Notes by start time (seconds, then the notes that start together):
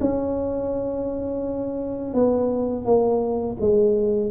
0.00 C#4
2.14 B3
2.85 A#3
3.60 G#3